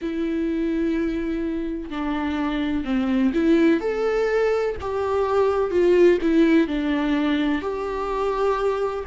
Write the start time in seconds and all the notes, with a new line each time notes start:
0.01 E4
1.90 D4
2.84 C4
3.33 E4
3.80 A4
4.81 G4
5.71 F4
6.21 E4
6.67 D4
7.61 G4